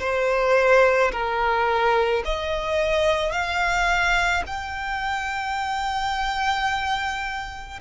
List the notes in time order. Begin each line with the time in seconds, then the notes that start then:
0.00 C5
1.12 A#4
2.25 D#5
3.32 F5
4.46 G5